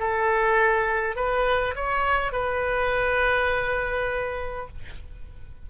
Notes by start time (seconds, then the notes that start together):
0.00 A4
1.16 B4
1.76 C#5
2.33 B4